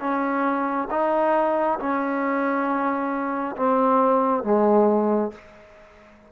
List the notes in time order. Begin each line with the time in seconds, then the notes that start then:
0.00 C#4
0.90 D#4
1.79 C#4
3.56 C4
4.44 G#3